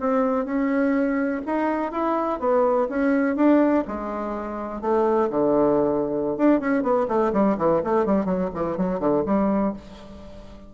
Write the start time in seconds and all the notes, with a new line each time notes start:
0.00 C4
0.45 C#4
1.46 D#4
1.92 E4
2.40 B3
2.89 C#4
3.36 D4
3.87 G#3
4.81 A3
5.30 D3
6.37 D4
6.60 C#4
6.83 B3
7.08 A3
7.33 G3
7.58 E3
7.84 A3
8.06 G3
8.25 F#3
8.54 E3
8.77 F#3
9.00 D3
9.26 G3